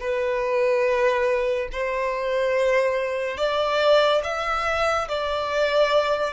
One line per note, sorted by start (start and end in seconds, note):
0.00 1.69 B4
1.72 3.37 C5
3.37 4.22 D5
4.24 5.08 E5
5.09 6.33 D5